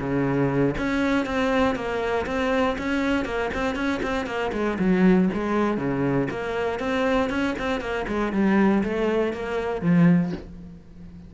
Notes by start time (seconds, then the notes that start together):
0.00 C#3
0.78 C#4
1.26 C4
1.76 A#3
2.27 C4
2.79 C#4
3.26 A#3
3.54 C4
3.76 C#4
4.03 C4
4.27 A#3
4.53 G#3
4.79 F#3
5.34 G#3
5.78 C#3
6.31 A#3
6.80 C4
7.30 C#4
7.59 C4
7.81 A#3
8.08 G#3
8.33 G3
8.84 A3
9.33 A#3
9.82 F3